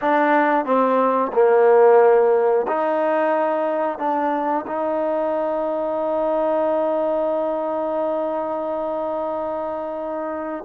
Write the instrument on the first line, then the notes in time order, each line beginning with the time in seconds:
trombone
0.01 D4
0.65 C4
1.32 A#3
2.67 D#4
3.98 D4
4.66 D#4